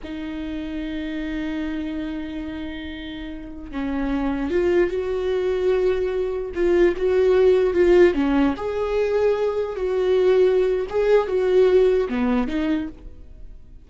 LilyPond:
\new Staff \with { instrumentName = "viola" } { \time 4/4 \tempo 4 = 149 dis'1~ | dis'1~ | dis'4~ dis'16 cis'2 f'8.~ | f'16 fis'2.~ fis'8.~ |
fis'16 f'4 fis'2 f'8.~ | f'16 cis'4 gis'2~ gis'8.~ | gis'16 fis'2~ fis'8. gis'4 | fis'2 b4 dis'4 | }